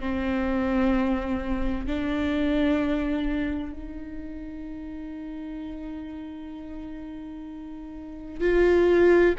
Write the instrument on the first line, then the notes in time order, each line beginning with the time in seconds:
viola
0.00 C4
1.87 D4
3.73 D#4
8.41 F4